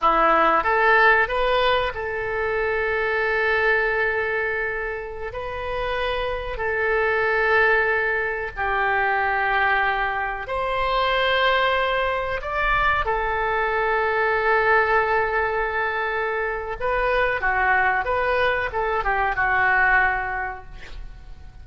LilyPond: \new Staff \with { instrumentName = "oboe" } { \time 4/4 \tempo 4 = 93 e'4 a'4 b'4 a'4~ | a'1~ | a'16 b'2 a'4.~ a'16~ | a'4~ a'16 g'2~ g'8.~ |
g'16 c''2. d''8.~ | d''16 a'2.~ a'8.~ | a'2 b'4 fis'4 | b'4 a'8 g'8 fis'2 | }